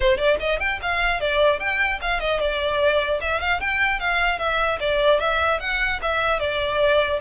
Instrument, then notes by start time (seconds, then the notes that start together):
violin
0.00 C5
0.17 D5
0.39 D#5
0.59 G5
0.82 F5
1.20 D5
1.59 G5
2.01 F5
2.19 D#5
2.39 D5
3.20 E5
3.40 F5
3.60 G5
3.99 F5
4.38 E5
4.80 D5
5.20 E5
5.60 F#5
6.02 E5
6.39 D5